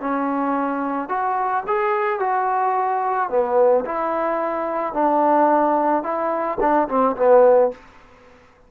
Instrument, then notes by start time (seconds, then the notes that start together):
trombone
0.00 C#4
1.08 F#4
1.67 G#4
2.19 F#4
3.29 B3
3.85 E4
4.93 D4
6.03 E4
6.60 D4
6.88 C4
7.16 B3